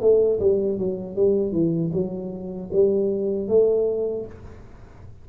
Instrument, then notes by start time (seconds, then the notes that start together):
tuba
0.00 A3
0.40 G3
0.78 F#3
1.15 G3
1.52 E3
1.93 F#3
2.72 G3
3.48 A3